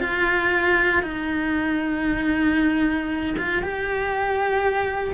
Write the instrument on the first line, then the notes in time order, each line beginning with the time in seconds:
cello
0.00 F4
1.03 D#4
3.38 F4
3.63 G4